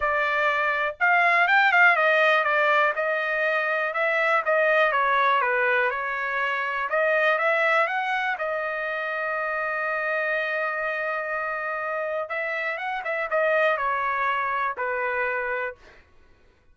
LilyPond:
\new Staff \with { instrumentName = "trumpet" } { \time 4/4 \tempo 4 = 122 d''2 f''4 g''8 f''8 | dis''4 d''4 dis''2 | e''4 dis''4 cis''4 b'4 | cis''2 dis''4 e''4 |
fis''4 dis''2.~ | dis''1~ | dis''4 e''4 fis''8 e''8 dis''4 | cis''2 b'2 | }